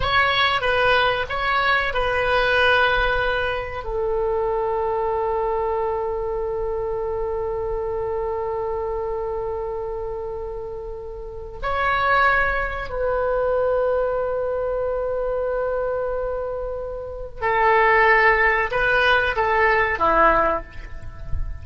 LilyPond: \new Staff \with { instrumentName = "oboe" } { \time 4/4 \tempo 4 = 93 cis''4 b'4 cis''4 b'4~ | b'2 a'2~ | a'1~ | a'1~ |
a'2 cis''2 | b'1~ | b'2. a'4~ | a'4 b'4 a'4 e'4 | }